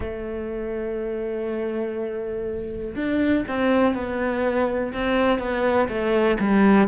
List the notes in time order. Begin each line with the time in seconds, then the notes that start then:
0.00 A3
2.95 D4
3.47 C4
3.94 B3
4.93 C4
5.38 B3
5.88 A3
6.39 G3